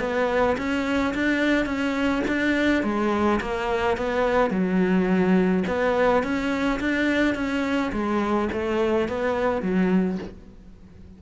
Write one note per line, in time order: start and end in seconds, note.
0.00 0.57 B3
0.58 1.14 C#4
1.14 1.66 D4
1.66 2.23 C#4
2.28 2.84 D4
2.84 3.40 G#3
3.41 3.97 A#3
3.97 4.51 B3
4.51 5.64 F#3
5.68 6.23 B3
6.23 6.80 C#4
6.80 7.35 D4
7.35 7.92 C#4
7.92 8.49 G#3
8.53 9.08 A3
9.08 9.62 B3
9.62 10.19 F#3